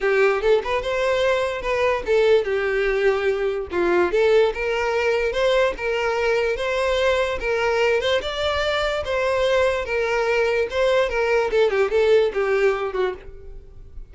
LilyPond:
\new Staff \with { instrumentName = "violin" } { \time 4/4 \tempo 4 = 146 g'4 a'8 b'8 c''2 | b'4 a'4 g'2~ | g'4 f'4 a'4 ais'4~ | ais'4 c''4 ais'2 |
c''2 ais'4. c''8 | d''2 c''2 | ais'2 c''4 ais'4 | a'8 g'8 a'4 g'4. fis'8 | }